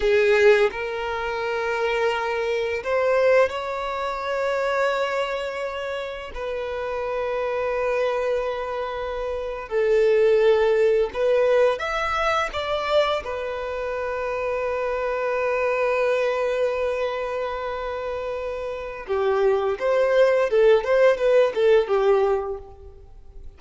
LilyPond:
\new Staff \with { instrumentName = "violin" } { \time 4/4 \tempo 4 = 85 gis'4 ais'2. | c''4 cis''2.~ | cis''4 b'2.~ | b'4.~ b'16 a'2 b'16~ |
b'8. e''4 d''4 b'4~ b'16~ | b'1~ | b'2. g'4 | c''4 a'8 c''8 b'8 a'8 g'4 | }